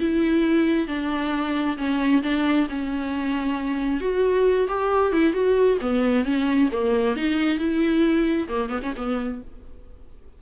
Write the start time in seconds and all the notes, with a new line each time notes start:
0.00 E4
0.88 D4
1.78 C#4
2.23 D4
2.70 C#4
4.01 F#4
4.68 G4
5.13 E4
5.33 F#4
5.81 B3
6.25 C#4
6.72 A#3
7.16 D#4
7.59 E4
8.48 A#3
8.69 B3
8.83 C#4
8.97 B3